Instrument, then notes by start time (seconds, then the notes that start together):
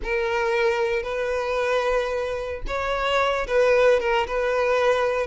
violin
0.03 A#4
1.02 B4
2.67 C#5
3.47 B4
4.00 A#4
4.27 B4